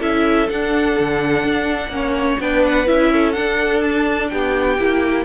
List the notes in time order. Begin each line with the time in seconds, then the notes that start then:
0.00 C#4 E4 A4 E5
0.49 D4 F#5
1.00 D3
1.44 D4
1.89 A#3 C#4
1.96 C#5
2.40 B3 D4 B4 G5
2.67 F#5
2.87 C#4 E4 E5
3.12 A4
3.33 D4 F#5
3.81 A5
4.29 B3 G4 G5
4.79 A#3 E4